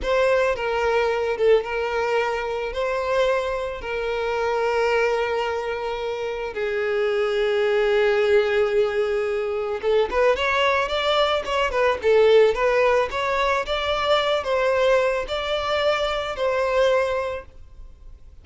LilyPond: \new Staff \with { instrumentName = "violin" } { \time 4/4 \tempo 4 = 110 c''4 ais'4. a'8 ais'4~ | ais'4 c''2 ais'4~ | ais'1 | gis'1~ |
gis'2 a'8 b'8 cis''4 | d''4 cis''8 b'8 a'4 b'4 | cis''4 d''4. c''4. | d''2 c''2 | }